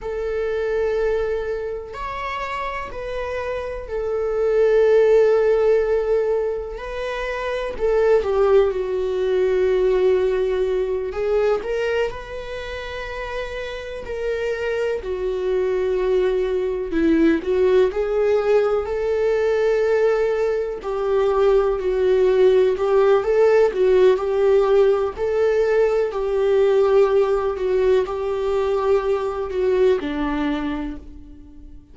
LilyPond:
\new Staff \with { instrumentName = "viola" } { \time 4/4 \tempo 4 = 62 a'2 cis''4 b'4 | a'2. b'4 | a'8 g'8 fis'2~ fis'8 gis'8 | ais'8 b'2 ais'4 fis'8~ |
fis'4. e'8 fis'8 gis'4 a'8~ | a'4. g'4 fis'4 g'8 | a'8 fis'8 g'4 a'4 g'4~ | g'8 fis'8 g'4. fis'8 d'4 | }